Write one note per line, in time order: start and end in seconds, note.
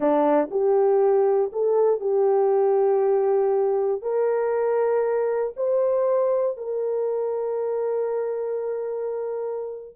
0.00 0.49 D4
0.50 1.51 G4
1.52 2.00 A4
2.00 4.02 G4
4.02 5.53 A#4
5.56 6.57 C5
6.57 9.95 A#4